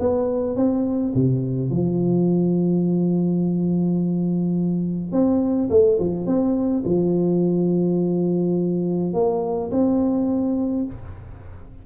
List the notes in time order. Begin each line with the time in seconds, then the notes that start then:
0.00 B3
0.56 C4
1.15 C3
1.71 F3
5.12 C4
5.70 A3
6.00 F3
6.26 C4
6.85 F3
9.14 A#3
9.71 C4